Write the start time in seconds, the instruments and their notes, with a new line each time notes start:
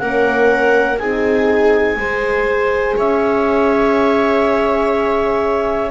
0.00 double bass A#3, horn C#4, viola A#4, clarinet F#5
0.99 double bass C4, horn D#4, viola G#4, clarinet G#5
1.97 double bass G#3, horn G#4, viola C5
2.97 double bass C#4, viola C#5, clarinet E5